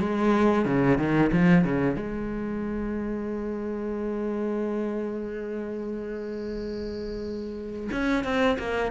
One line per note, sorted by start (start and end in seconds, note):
0.00 0.66 G#3
0.66 0.98 C#3
0.98 1.31 D#3
1.32 1.65 F3
1.65 1.96 C#3
1.96 7.90 G#3
7.92 8.24 C#4
8.24 8.57 C4
8.59 8.92 A#3